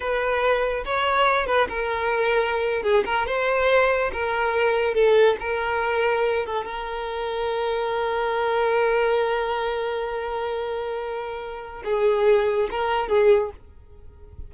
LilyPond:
\new Staff \with { instrumentName = "violin" } { \time 4/4 \tempo 4 = 142 b'2 cis''4. b'8 | ais'2~ ais'8. gis'8 ais'8 c''16~ | c''4.~ c''16 ais'2 a'16~ | a'8. ais'2~ ais'8 a'8 ais'16~ |
ais'1~ | ais'1~ | ais'1 | gis'2 ais'4 gis'4 | }